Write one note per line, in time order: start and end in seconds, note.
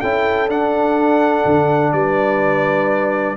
0.00 0.48 C#4
0.00 0.49 E4
0.00 1.92 A4
0.00 0.48 G5
0.48 1.44 D4
0.48 3.37 D4
0.48 1.92 F#5
1.45 1.92 D3
1.92 3.36 G3
1.92 3.37 B4
1.92 3.36 D5